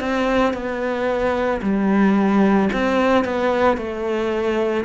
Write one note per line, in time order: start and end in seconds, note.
0.00 0.54 C4
0.54 1.60 B3
1.62 2.69 G3
2.73 3.24 C4
3.24 3.77 B3
3.77 4.84 A3